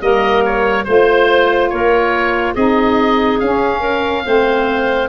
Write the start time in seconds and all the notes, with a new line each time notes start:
0.00 G3 A#3 A#4 D#5
0.45 C#5
0.84 A3 F4 C5
1.70 A#3 A#4 C#5
2.54 C4 D#4 G#4 D#5
3.40 C#4 F5
3.80 A#4
4.24 A3 C4 C5